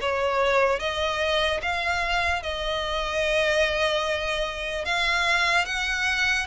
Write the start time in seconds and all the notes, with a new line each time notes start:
0.00 C#5
0.79 D#5
1.61 F5
2.42 D#5
4.85 F5
5.65 F#5